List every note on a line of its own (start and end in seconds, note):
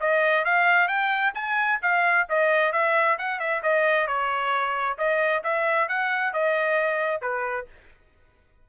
0.00 0.44 D#5
0.44 0.88 F5
0.88 1.33 G5
1.34 1.79 G#5
1.82 2.27 F5
2.29 2.72 D#5
2.72 3.17 E5
3.18 3.39 F#5
3.39 3.62 E5
3.63 4.07 D#5
4.07 4.97 C#5
4.98 5.43 D#5
5.43 5.88 E5
5.88 6.33 F#5
6.33 7.21 D#5
7.21 7.66 B4